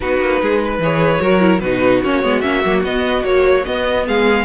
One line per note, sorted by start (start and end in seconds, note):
0.00 0.20 B3
0.00 0.81 D#4
0.00 0.41 F#4
0.00 0.79 B4
0.20 0.41 A#3
0.41 0.79 G#3
0.41 0.62 G#4
0.64 1.21 B4
0.79 1.19 E3
0.79 1.20 G#4
0.79 1.60 C#5
1.20 1.60 F#3
1.20 1.40 F#4
1.20 1.62 A#4
1.40 1.60 E4
1.60 2.01 B2
1.60 2.04 D#4
1.60 4.05 F#4
1.60 2.00 B4
2.04 2.23 A#3
2.04 2.22 C#4
2.04 2.40 C#5
2.22 2.43 G#3
2.22 2.42 B3
2.40 2.64 A#3
2.40 2.62 C#4
2.40 2.81 E5
2.64 2.83 F#3
2.64 2.85 A#3
2.83 3.23 B3
2.83 3.24 B3
2.83 3.24 D#5
3.24 3.64 F#3
3.24 3.64 A#3
3.24 3.65 C#5
3.65 4.44 B3
3.65 4.07 B3
3.65 4.05 D#5
4.07 4.44 G#3
4.07 4.44 G#4
4.07 4.44 F5